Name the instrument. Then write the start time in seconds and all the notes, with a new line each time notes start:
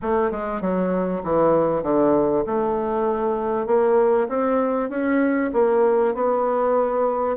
bassoon
0.02 A3
0.31 G#3
0.61 F#3
1.23 E3
1.82 D3
2.46 A3
3.66 A#3
4.28 C4
4.89 C#4
5.53 A#3
6.14 B3